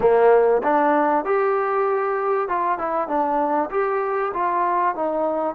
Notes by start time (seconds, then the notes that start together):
0.00 A#3
0.63 D4
1.25 G4
2.48 F4
2.78 E4
3.08 D4
3.70 G4
4.33 F4
4.95 D#4